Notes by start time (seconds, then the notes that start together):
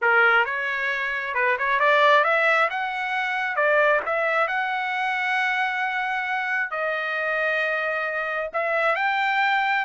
0.01 A#4
0.45 C#5
1.34 B4
1.58 C#5
1.79 D5
2.24 E5
2.70 F#5
3.55 D5
4.05 E5
4.47 F#5
6.70 D#5
8.53 E5
8.95 G5